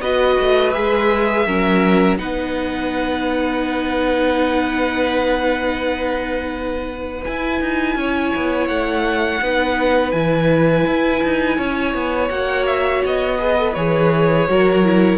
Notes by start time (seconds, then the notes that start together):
0.00 B3 F#4 B4 D#5
0.40 A3
0.72 G#3 G#4 E5
1.46 F#3 C#4 A#4
2.18 B3 D#4 B4 F#5
7.24 E4 G#5
7.61 D#4
7.96 C#4 C#5
8.36 B3
8.67 A3 F#5
9.41 B3 D#4 B4
10.11 E3 E4 G#5
10.86 E4
11.23 D#4
11.57 C#4 C#5
11.94 B3
12.30 A#3 F#4 F#5
12.66 E5
13.05 B3 D#5
13.39 G#4 B4
13.57 A4
13.74 E3 G#4 C#5
14.48 F#3 F#4 A#4
14.84 E4